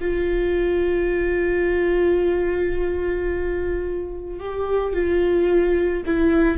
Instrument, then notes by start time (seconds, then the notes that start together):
viola
0.00 F4
4.39 G4
4.93 F4
6.06 E4